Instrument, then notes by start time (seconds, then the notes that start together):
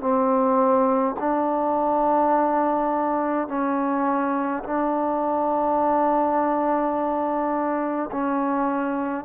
trombone
0.00 C4
1.19 D4
3.48 C#4
4.64 D4
8.11 C#4